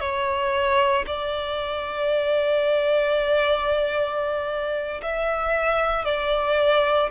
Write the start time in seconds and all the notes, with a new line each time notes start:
0.00 C#5
1.07 D5
5.02 E5
6.05 D5